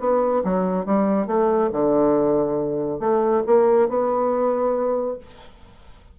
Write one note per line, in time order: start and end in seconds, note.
0.00 0.43 B3
0.45 0.86 F#3
0.86 1.28 G3
1.28 1.71 A3
1.73 3.00 D3
3.00 3.43 A3
3.47 3.89 A#3
3.89 5.19 B3